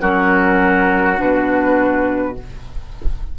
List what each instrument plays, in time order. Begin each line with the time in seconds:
0.00 bassoon F#3, clarinet C#4, oboe F#4, flute A#4
1.16 bassoon B2, clarinet D4, flute B4